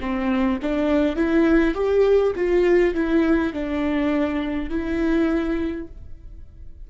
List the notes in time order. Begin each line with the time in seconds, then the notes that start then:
0.00 C4
0.62 D4
1.16 E4
1.74 G4
2.35 F4
2.94 E4
3.53 D4
4.69 E4